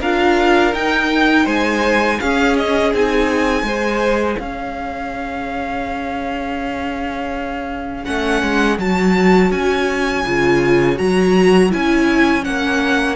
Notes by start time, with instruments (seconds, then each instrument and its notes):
0.00 cello D4, viola F4, violin A#4 F5
0.73 viola D#4, cello D#4, violin G5
1.44 cello G#3, violin C5 G#5
2.20 viola C#4, cello C#4, violin G#4 F5
2.57 violin D#5
2.93 cello C4, viola D#4, violin G#5
3.62 cello G#3, viola G#4, violin C5
4.39 cello C#4, violin C#5 F5
8.04 cello A3, viola C#4, violin F#5
8.42 cello G#3
8.78 cello F#3, viola F#4, violin A5
9.51 cello C#4, violin G#5
10.25 cello C#3, viola F4
10.96 cello F#3, viola F#4, violin A#5
11.70 cello C#4, viola E4, violin G#5
12.42 cello A#3, viola C#4, violin F#5